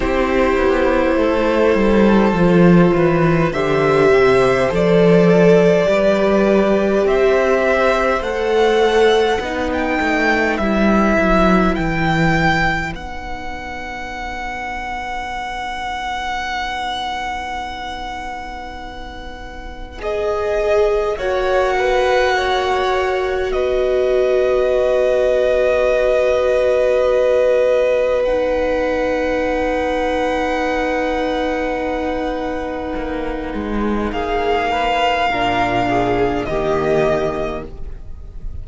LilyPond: <<
  \new Staff \with { instrumentName = "violin" } { \time 4/4 \tempo 4 = 51 c''2. e''4 | d''2 e''4 fis''4~ | fis''16 g''8. e''4 g''4 fis''4~ | fis''1~ |
fis''4 dis''4 fis''2 | dis''1 | fis''1~ | fis''4 f''2 dis''4 | }
  \new Staff \with { instrumentName = "violin" } { \time 4/4 g'4 a'4. b'8 c''4~ | c''4 b'4 c''2 | b'1~ | b'1~ |
b'2 cis''8 b'8 cis''4 | b'1~ | b'1~ | b'4 gis'8 b'8 ais'8 gis'8 g'4 | }
  \new Staff \with { instrumentName = "viola" } { \time 4/4 e'2 f'4 g'4 | a'4 g'2 a'4 | dis'4 e'2 dis'4~ | dis'1~ |
dis'4 gis'4 fis'2~ | fis'1 | dis'1~ | dis'2 d'4 ais4 | }
  \new Staff \with { instrumentName = "cello" } { \time 4/4 c'8 b8 a8 g8 f8 e8 d8 c8 | f4 g4 c'4 a4 | b8 a8 g8 fis8 e4 b4~ | b1~ |
b2 ais2 | b1~ | b1 | ais8 gis8 ais4 ais,4 dis4 | }
>>